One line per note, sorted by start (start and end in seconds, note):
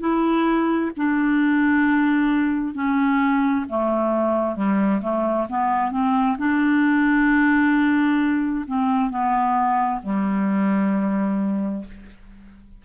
0.00 0.91 E4
0.97 2.74 D4
2.74 3.65 C#4
3.69 4.56 A3
4.56 5.01 G3
5.02 5.47 A3
5.50 5.91 B3
5.91 6.37 C4
6.38 8.65 D4
8.67 9.10 C4
9.10 10.01 B3
10.03 11.85 G3